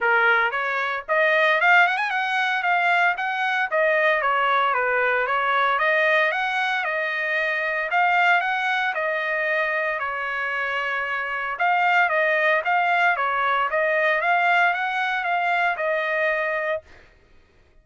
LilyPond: \new Staff \with { instrumentName = "trumpet" } { \time 4/4 \tempo 4 = 114 ais'4 cis''4 dis''4 f''8 fis''16 gis''16 | fis''4 f''4 fis''4 dis''4 | cis''4 b'4 cis''4 dis''4 | fis''4 dis''2 f''4 |
fis''4 dis''2 cis''4~ | cis''2 f''4 dis''4 | f''4 cis''4 dis''4 f''4 | fis''4 f''4 dis''2 | }